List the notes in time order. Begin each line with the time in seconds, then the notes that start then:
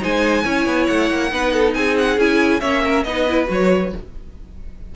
0.00 G#3 D#4 C5 G#5
0.43 C#4 E4 C#5
0.66 B3
0.87 A3 F#5
1.10 A#3
1.31 B3 D#4 B4
1.53 A4
1.74 C4 G#4 G#5
1.98 F#5
2.18 C#4 E4 G#5
2.60 A#3 C#4 C#5 E5
2.84 A#4
3.03 B3 D#4 B4 D#5
3.29 E4
3.47 F#3 F#4 C#5